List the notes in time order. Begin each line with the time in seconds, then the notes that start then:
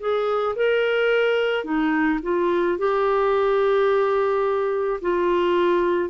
0.00 G#4
0.56 A#4
1.65 D#4
2.23 F4
2.79 G4
5.02 F4